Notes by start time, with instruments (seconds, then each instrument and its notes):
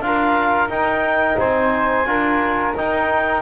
0.00 double bass D4, trombone F4, flute A#4, clarinet F5
0.68 double bass D#4, trombone D#4, clarinet G5
1.38 double bass C4, flute C5, clarinet G#5
2.05 double bass D4, trombone F4, flute A#4
2.76 trombone D#4, double bass D#4, clarinet G5